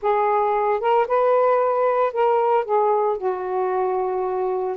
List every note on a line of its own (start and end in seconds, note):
0.02 0.80 G#4
0.80 1.06 A#4
1.07 2.12 B4
2.12 2.64 A#4
2.64 3.17 G#4
3.17 4.76 F#4